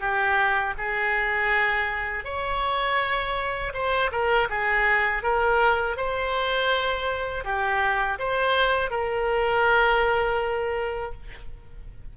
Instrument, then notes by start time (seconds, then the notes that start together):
oboe
0.00 G4
0.78 G#4
2.25 C#5
3.74 C5
4.11 A#4
4.49 G#4
5.23 A#4
5.97 C5
7.44 G4
8.19 C5
8.90 A#4